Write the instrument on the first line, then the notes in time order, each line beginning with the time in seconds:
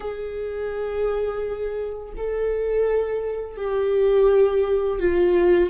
viola
0.00 G#4
2.16 A4
3.56 G4
4.99 F4